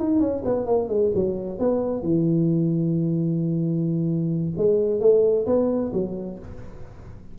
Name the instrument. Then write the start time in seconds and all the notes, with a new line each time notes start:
tuba
0.00 D#4
0.20 C#4
0.45 B3
0.67 A#3
0.89 G#3
1.15 F#3
1.60 B3
2.03 E3
4.58 G#3
5.01 A3
5.47 B3
5.94 F#3